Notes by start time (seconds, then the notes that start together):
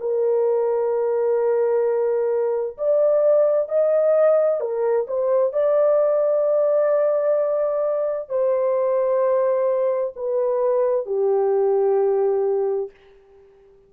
0.00 A#4
2.77 D5
3.69 D#5
4.60 A#4
5.07 C5
5.53 D5
8.29 C5
10.16 B4
11.06 G4